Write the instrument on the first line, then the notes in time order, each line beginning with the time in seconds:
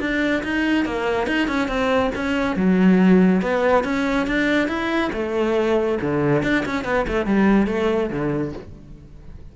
cello
0.00 D4
0.43 D#4
0.85 A#3
1.27 D#4
1.48 C#4
1.68 C4
2.15 C#4
2.56 F#3
3.42 B3
3.84 C#4
4.27 D4
4.68 E4
5.13 A3
6.01 D3
6.43 D4
6.66 C#4
6.85 B3
7.08 A3
7.26 G3
7.67 A3
8.10 D3